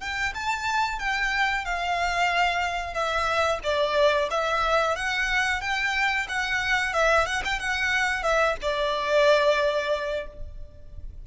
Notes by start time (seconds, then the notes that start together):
0.00 G5
0.34 A5
0.99 G5
1.65 F5
2.93 E5
3.63 D5
4.30 E5
4.95 F#5
5.60 G5
6.28 F#5
6.93 E5
7.26 F#5
7.44 G5
7.59 F#5
8.23 E5
8.61 D5